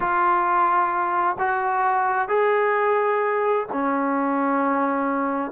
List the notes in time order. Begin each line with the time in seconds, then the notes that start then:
0.00 F4
1.38 F#4
2.28 G#4
3.72 C#4